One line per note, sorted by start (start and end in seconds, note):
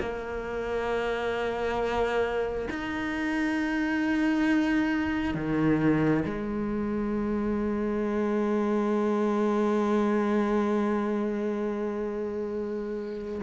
0.00 2.69 A#3
2.69 5.34 D#4
5.34 6.24 D#3
6.25 13.41 G#3